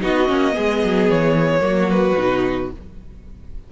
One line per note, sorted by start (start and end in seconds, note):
0.00 0.29 B3
0.00 0.27 D#4
0.00 0.54 F#4
0.00 1.10 D#5
0.27 0.56 A#3
0.27 0.52 C#4
0.52 0.84 G#3
0.52 1.59 B3
0.52 1.62 G#4
0.84 1.09 F#3
1.09 1.60 E3
1.09 1.90 C#5
1.60 2.14 F#3
1.60 2.14 A#3
1.60 2.72 F#4
1.90 2.70 B4
2.17 2.70 B2
2.17 2.71 D#4